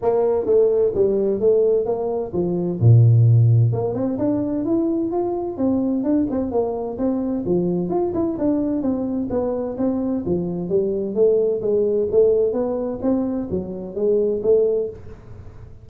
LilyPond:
\new Staff \with { instrumentName = "tuba" } { \time 4/4 \tempo 4 = 129 ais4 a4 g4 a4 | ais4 f4 ais,2 | ais8 c'8 d'4 e'4 f'4 | c'4 d'8 c'8 ais4 c'4 |
f4 f'8 e'8 d'4 c'4 | b4 c'4 f4 g4 | a4 gis4 a4 b4 | c'4 fis4 gis4 a4 | }